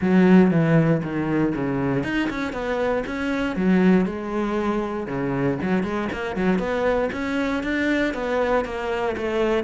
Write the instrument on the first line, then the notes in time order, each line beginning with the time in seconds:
cello
0.01 F#3
0.50 E3
1.03 D#3
1.55 C#3
2.03 D#4
2.30 C#4
2.53 B3
3.06 C#4
3.55 F#3
4.05 G#3
5.07 C#3
5.62 F#3
5.83 G#3
6.12 A#3
6.36 F#3
6.58 B3
7.12 C#4
7.63 D4
8.14 B3
8.64 A#3
9.17 A3